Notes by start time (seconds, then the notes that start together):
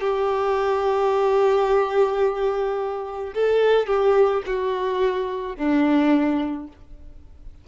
0.00 G4
3.34 A4
3.86 G4
4.46 F#4
5.56 D4